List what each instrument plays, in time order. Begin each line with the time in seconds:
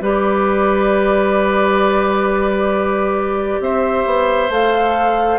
0.00 bassoon G3, clarinet G4, oboe B4, flute D5
3.60 bassoon C4, oboe C5, flute E5
4.05 bassoon B3
4.49 bassoon A3, clarinet A4, flute F5